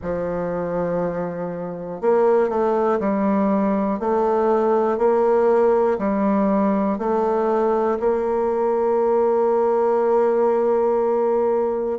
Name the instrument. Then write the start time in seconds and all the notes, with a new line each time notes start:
bassoon
0.02 F3
2.01 A#3
2.49 A3
2.99 G3
3.99 A3
4.97 A#3
5.98 G3
6.98 A3
8.00 A#3